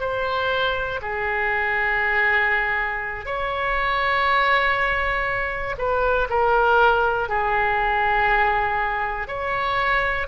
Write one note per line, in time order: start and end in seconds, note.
0.00 1.00 C5
1.02 3.25 G#4
3.25 5.75 C#5
5.78 6.28 B4
6.30 7.29 A#4
7.29 9.27 G#4
9.27 10.27 C#5